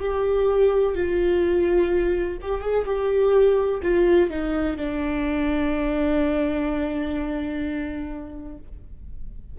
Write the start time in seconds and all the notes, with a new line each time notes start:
0.00 G4
0.95 F4
2.42 G4
2.61 G#4
2.85 G4
3.83 F4
4.30 D#4
4.77 D4